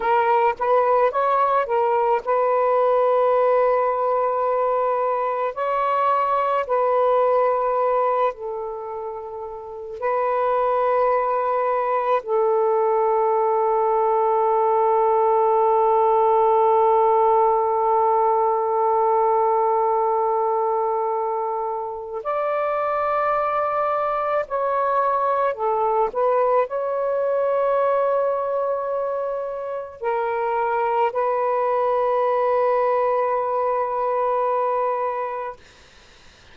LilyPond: \new Staff \with { instrumentName = "saxophone" } { \time 4/4 \tempo 4 = 54 ais'8 b'8 cis''8 ais'8 b'2~ | b'4 cis''4 b'4. a'8~ | a'4 b'2 a'4~ | a'1~ |
a'1 | d''2 cis''4 a'8 b'8 | cis''2. ais'4 | b'1 | }